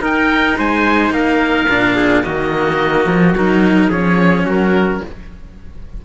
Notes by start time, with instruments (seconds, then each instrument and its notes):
0.00 cello D#4, trumpet A#4, oboe G5
0.58 cello G#3, trumpet C5, oboe G#5
1.10 cello A#3, trumpet A#4, oboe F5
1.68 cello A#2 D4
1.96 trumpet G#4
2.24 cello D#3 A#3, trumpet F#4, oboe D#5
3.06 cello F3
3.34 cello F#3 D#4, oboe A#4
3.89 cello F3 C#4, trumpet G#4, oboe C#5
4.45 cello F#3, trumpet F#4, oboe A#4